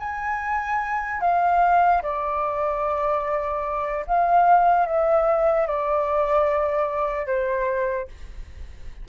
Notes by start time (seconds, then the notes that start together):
0.00 G#5
1.21 F5
2.03 D5
4.07 F5
4.86 E5
5.67 D5
7.27 C5